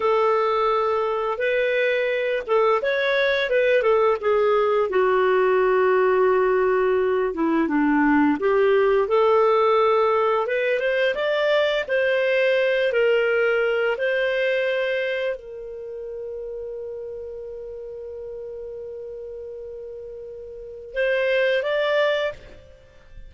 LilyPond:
\new Staff \with { instrumentName = "clarinet" } { \time 4/4 \tempo 4 = 86 a'2 b'4. a'8 | cis''4 b'8 a'8 gis'4 fis'4~ | fis'2~ fis'8 e'8 d'4 | g'4 a'2 b'8 c''8 |
d''4 c''4. ais'4. | c''2 ais'2~ | ais'1~ | ais'2 c''4 d''4 | }